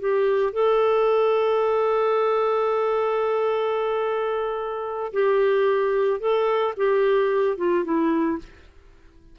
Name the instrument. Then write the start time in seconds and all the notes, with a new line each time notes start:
clarinet
0.00 G4
0.53 A4
5.14 G4
6.20 A4
6.77 G4
7.58 F4
7.85 E4